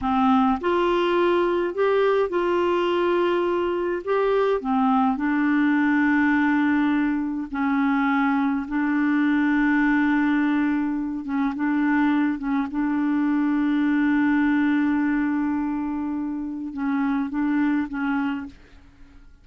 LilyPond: \new Staff \with { instrumentName = "clarinet" } { \time 4/4 \tempo 4 = 104 c'4 f'2 g'4 | f'2. g'4 | c'4 d'2.~ | d'4 cis'2 d'4~ |
d'2.~ d'8 cis'8 | d'4. cis'8 d'2~ | d'1~ | d'4 cis'4 d'4 cis'4 | }